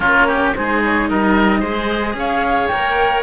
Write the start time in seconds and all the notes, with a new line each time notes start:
0.00 A#3 C#4 F4 A#4
0.27 G4
0.55 G#3 D#4 G#4 C5
0.84 C#5
1.08 G3 A#4 D#5
1.59 G#3 G#4 C5
2.14 C#4 C#5 F5
2.67 A#3 A#4 G5